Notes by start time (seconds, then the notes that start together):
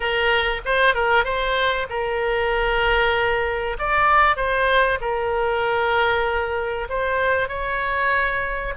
0.00 A#4
0.65 C5
0.94 A#4
1.24 C5
1.89 A#4
3.78 D5
4.36 C5
5.00 A#4
6.89 C5
7.48 C#5